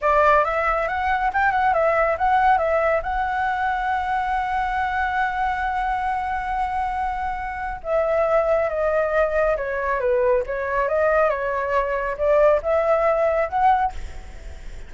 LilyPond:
\new Staff \with { instrumentName = "flute" } { \time 4/4 \tempo 4 = 138 d''4 e''4 fis''4 g''8 fis''8 | e''4 fis''4 e''4 fis''4~ | fis''1~ | fis''1~ |
fis''2 e''2 | dis''2 cis''4 b'4 | cis''4 dis''4 cis''2 | d''4 e''2 fis''4 | }